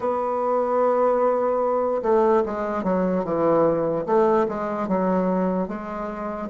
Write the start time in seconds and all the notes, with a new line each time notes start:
0.00 B3
2.02 A3
2.45 G#3
2.83 F#3
3.24 E3
4.05 A3
4.48 G#3
4.88 F#3
5.68 G#3